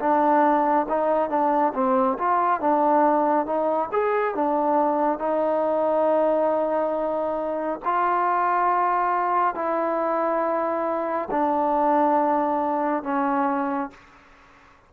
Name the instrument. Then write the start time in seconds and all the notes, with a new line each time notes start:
trombone
0.00 D4
0.89 D#4
1.30 D4
1.74 C4
2.19 F4
2.61 D4
3.46 D#4
3.92 G#4
4.35 D4
5.19 D#4
7.85 F4
9.55 E4
11.31 D4
13.04 C#4